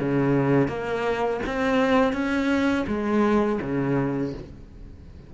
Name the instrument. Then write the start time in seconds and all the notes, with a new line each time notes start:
cello
0.00 C#3
0.68 A#3
1.47 C4
2.13 C#4
2.88 G#3
3.62 C#3